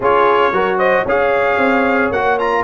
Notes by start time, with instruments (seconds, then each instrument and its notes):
0.00 tuba C#4, trombone F4, horn G#4, trumpet C#5
0.51 tuba F#3, trombone F#4, horn A#4
0.78 horn C5, trumpet D#5
1.03 tuba C#4, trombone G#4, horn C#5, trumpet F5
1.57 tuba C4
2.10 tuba A#3, trombone F#4, trumpet F#5
2.38 trombone F4, trumpet A#5